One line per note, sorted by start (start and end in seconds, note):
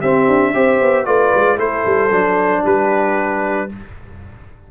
0.00 0.28 C4
0.00 0.54 C4
0.00 0.53 G4
0.00 1.05 E5
0.28 0.54 D4
0.54 0.80 C4
0.54 1.05 G4
0.54 1.07 C5
0.81 1.06 B3
1.05 1.33 A3
1.05 1.57 F4
1.05 1.59 B4
1.05 1.58 D5
1.35 1.58 G#3
1.57 1.84 A3
1.57 2.10 E4
1.57 2.63 A4
1.57 2.65 C5
1.86 2.11 G3
2.11 2.63 F#3
2.11 3.69 D4
2.63 3.70 G3
2.63 3.68 G4
2.63 3.71 B4